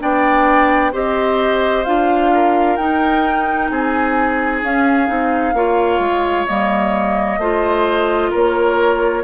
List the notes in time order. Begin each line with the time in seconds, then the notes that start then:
0.00 B3 D4 D5 G5
0.92 C4 G4 C5 D#5
1.84 D4 F4 F5
2.34 A#4
2.77 D#4 G5
3.69 C4 G#4 G#5
4.62 C#4 F5
5.07 C4 D#4
5.53 A#3 F4 C#5
5.99 G#3
6.47 G3 A#3 D#5
7.38 A3 F4 C5
8.31 A#3 A#4 C#5